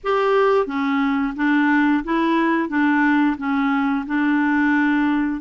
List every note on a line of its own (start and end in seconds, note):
0.03 0.66 G4
0.66 1.33 C#4
1.36 2.03 D4
2.03 2.68 E4
2.68 3.36 D4
3.37 4.05 C#4
4.06 5.40 D4